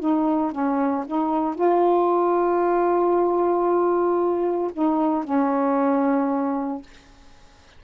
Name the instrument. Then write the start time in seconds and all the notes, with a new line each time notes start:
saxophone
0.00 D#4
0.52 C#4
1.07 D#4
1.56 F4
4.74 D#4
5.24 C#4